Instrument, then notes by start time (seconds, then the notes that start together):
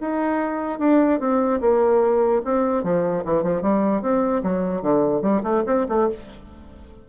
bassoon
0.00 D#4
0.79 D4
1.20 C4
1.61 A#3
2.45 C4
2.83 F3
3.24 E3
3.43 F3
3.62 G3
4.02 C4
4.43 F#3
4.82 D3
5.21 G3
5.43 A3
5.66 C4
5.89 A3